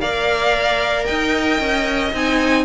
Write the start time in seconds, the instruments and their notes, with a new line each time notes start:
0.00 cello A#3, viola A#4, violin D5 F5
1.05 cello D#4, violin D#5 G5
1.59 cello C#4
2.13 cello C4, viola D#4, violin G#5